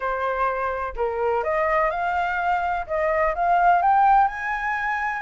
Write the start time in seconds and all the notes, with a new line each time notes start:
0.00 C5
0.95 A#4
1.43 D#5
1.90 F5
2.86 D#5
3.35 F5
3.82 G5
4.27 G#5